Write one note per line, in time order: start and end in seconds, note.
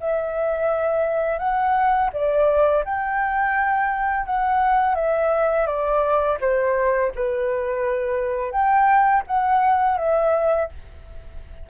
0.00 1.38 E5
1.38 2.10 F#5
2.13 2.84 D5
2.84 4.26 G5
4.26 4.95 F#5
4.95 5.66 E5
5.66 6.38 D5
6.40 7.12 C5
7.15 8.51 B4
8.51 9.23 G5
9.27 9.97 F#5
9.97 10.69 E5